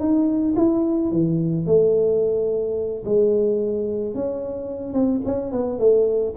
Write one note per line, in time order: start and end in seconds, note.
0.00 0.55 D#4
0.57 1.12 E4
1.12 1.66 E3
1.66 3.04 A3
3.05 4.15 G#3
4.15 4.94 C#4
4.94 5.21 C4
5.26 5.52 C#4
5.52 5.79 B3
5.79 6.35 A3